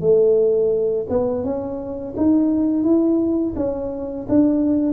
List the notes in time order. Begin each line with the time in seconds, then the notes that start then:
0.00 A3
1.09 B3
1.43 C#4
2.17 D#4
2.83 E4
3.56 C#4
4.28 D4